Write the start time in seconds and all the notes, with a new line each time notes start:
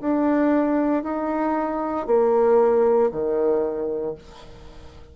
0.00 D4
1.03 D#4
2.06 A#3
3.11 D#3